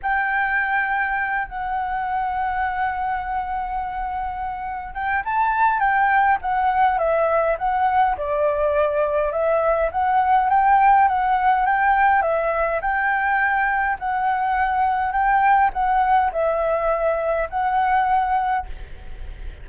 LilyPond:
\new Staff \with { instrumentName = "flute" } { \time 4/4 \tempo 4 = 103 g''2~ g''8 fis''4.~ | fis''1~ | fis''8 g''8 a''4 g''4 fis''4 | e''4 fis''4 d''2 |
e''4 fis''4 g''4 fis''4 | g''4 e''4 g''2 | fis''2 g''4 fis''4 | e''2 fis''2 | }